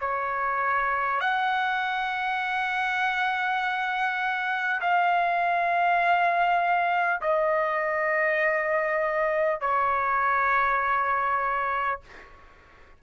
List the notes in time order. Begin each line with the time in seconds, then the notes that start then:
0.00 C#5
1.20 F#5
4.81 F5
7.21 D#5
9.61 C#5